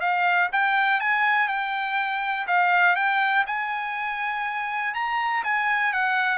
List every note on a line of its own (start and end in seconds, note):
0.00 0.49 F5
0.52 1.00 G5
1.00 1.48 G#5
1.48 2.46 G5
2.47 2.96 F5
2.96 3.45 G5
3.46 4.94 G#5
4.94 5.43 A#5
5.43 5.92 G#5
5.93 6.38 F#5